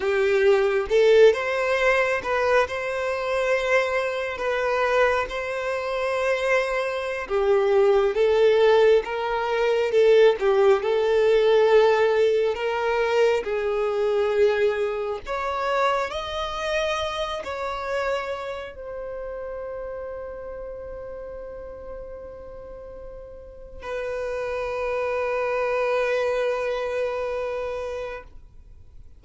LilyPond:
\new Staff \with { instrumentName = "violin" } { \time 4/4 \tempo 4 = 68 g'4 a'8 c''4 b'8 c''4~ | c''4 b'4 c''2~ | c''16 g'4 a'4 ais'4 a'8 g'16~ | g'16 a'2 ais'4 gis'8.~ |
gis'4~ gis'16 cis''4 dis''4. cis''16~ | cis''4~ cis''16 c''2~ c''8.~ | c''2. b'4~ | b'1 | }